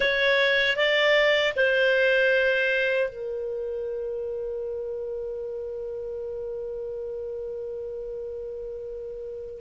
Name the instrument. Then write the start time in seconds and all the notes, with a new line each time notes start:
clarinet
0.00 C#5
0.76 D5
1.56 C5
3.09 A#4